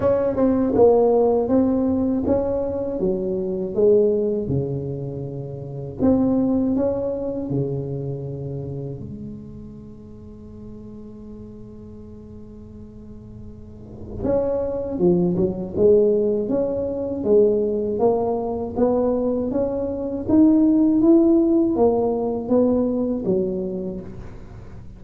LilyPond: \new Staff \with { instrumentName = "tuba" } { \time 4/4 \tempo 4 = 80 cis'8 c'8 ais4 c'4 cis'4 | fis4 gis4 cis2 | c'4 cis'4 cis2 | gis1~ |
gis2. cis'4 | f8 fis8 gis4 cis'4 gis4 | ais4 b4 cis'4 dis'4 | e'4 ais4 b4 fis4 | }